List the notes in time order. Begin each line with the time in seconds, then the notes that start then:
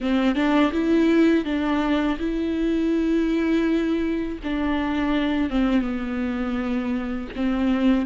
0.00 C4
0.35 D4
0.72 E4
1.44 D4
2.18 E4
4.43 D4
5.49 C4
5.81 B3
7.35 C4